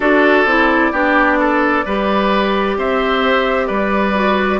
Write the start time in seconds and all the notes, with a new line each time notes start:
0.00 D4 F#4 A4 D5
0.45 C4 E4
0.92 B3 D4 G4
1.39 A4
1.85 G3 G4 B4
2.77 C4 C5 E5
3.66 G3 B4 D5
4.14 F#4